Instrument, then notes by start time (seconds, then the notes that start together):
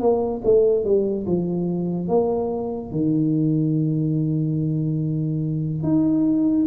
tuba
0.00 A#3
0.44 A3
0.84 G3
1.26 F3
2.08 A#3
2.91 D#3
5.83 D#4